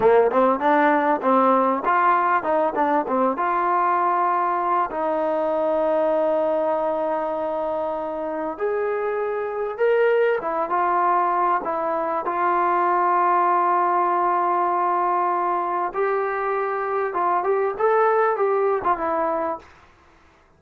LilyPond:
\new Staff \with { instrumentName = "trombone" } { \time 4/4 \tempo 4 = 98 ais8 c'8 d'4 c'4 f'4 | dis'8 d'8 c'8 f'2~ f'8 | dis'1~ | dis'2 gis'2 |
ais'4 e'8 f'4. e'4 | f'1~ | f'2 g'2 | f'8 g'8 a'4 g'8. f'16 e'4 | }